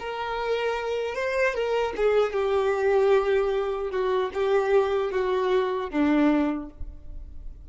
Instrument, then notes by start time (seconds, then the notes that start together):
violin
0.00 A#4
1.15 C5
1.54 A#4
1.97 G#4
2.33 G4
3.91 F#4
4.34 G4
5.12 F#4
5.91 D4